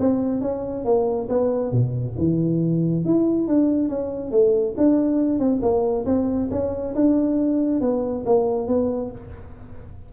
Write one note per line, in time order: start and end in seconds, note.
0.00 0.42 C4
0.42 0.85 C#4
0.85 1.28 A#3
1.29 1.72 B3
1.72 2.16 B2
2.18 3.05 E3
3.05 3.48 E4
3.48 3.89 D4
3.89 4.32 C#4
4.32 4.75 A3
4.78 5.39 D4
5.39 5.61 C4
5.62 6.06 A#3
6.06 6.50 C4
6.51 6.95 C#4
6.95 7.81 D4
7.81 8.25 B3
8.26 8.68 A#3
8.68 9.11 B3